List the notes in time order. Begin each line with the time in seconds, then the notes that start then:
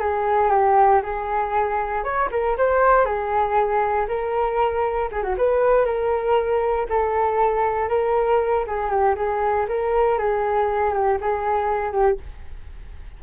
0.00 G#4
0.51 G4
1.03 G#4
2.04 C#5
2.32 A#4
2.58 C5
3.05 G#4
4.08 A#4
5.12 G#4
5.23 F#4
5.38 B4
5.85 A#4
6.89 A4
7.89 A#4
8.67 G#4
8.90 G4
9.16 G#4
9.69 A#4
10.19 G#4
10.94 G4
11.21 G#4
11.92 G4